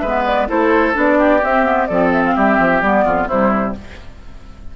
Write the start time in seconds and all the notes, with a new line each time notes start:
0.00 G#3 B4 E5
0.06 B3
0.26 D5
0.48 A3 E4 A4 C5
0.94 B3 D4 D5
1.18 G4
1.43 C4 E5
1.63 B3
1.87 F3 C4 A4 D5
2.12 E5
2.26 F5
2.35 G3 G4 E5
2.59 F3
2.82 G3 B3 D5
3.05 F2 F4
3.28 C3 G3 E4 C5